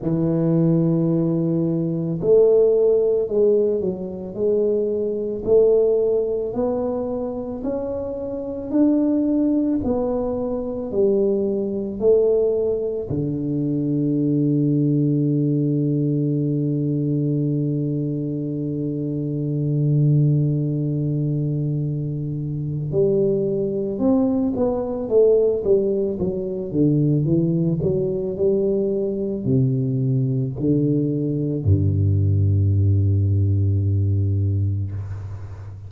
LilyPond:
\new Staff \with { instrumentName = "tuba" } { \time 4/4 \tempo 4 = 55 e2 a4 gis8 fis8 | gis4 a4 b4 cis'4 | d'4 b4 g4 a4 | d1~ |
d1~ | d4 g4 c'8 b8 a8 g8 | fis8 d8 e8 fis8 g4 c4 | d4 g,2. | }